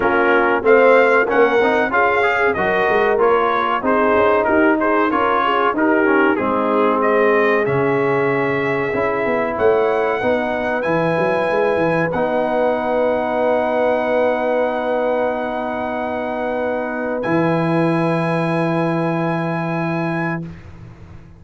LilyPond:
<<
  \new Staff \with { instrumentName = "trumpet" } { \time 4/4 \tempo 4 = 94 ais'4 f''4 fis''4 f''4 | dis''4 cis''4 c''4 ais'8 c''8 | cis''4 ais'4 gis'4 dis''4 | e''2. fis''4~ |
fis''4 gis''2 fis''4~ | fis''1~ | fis''2. gis''4~ | gis''1 | }
  \new Staff \with { instrumentName = "horn" } { \time 4/4 f'4 c''4 ais'4 gis'4 | ais'2 gis'4 g'8 gis'8 | ais'8 gis'8 g'4 dis'4 gis'4~ | gis'2. cis''4 |
b'1~ | b'1~ | b'1~ | b'1 | }
  \new Staff \with { instrumentName = "trombone" } { \time 4/4 cis'4 c'4 cis'8 dis'8 f'8 gis'8 | fis'4 f'4 dis'2 | f'4 dis'8 cis'8 c'2 | cis'2 e'2 |
dis'4 e'2 dis'4~ | dis'1~ | dis'2. e'4~ | e'1 | }
  \new Staff \with { instrumentName = "tuba" } { \time 4/4 ais4 a4 ais8 c'8 cis'4 | fis8 gis8 ais4 c'8 cis'8 dis'4 | cis'4 dis'4 gis2 | cis2 cis'8 b8 a4 |
b4 e8 fis8 gis8 e8 b4~ | b1~ | b2. e4~ | e1 | }
>>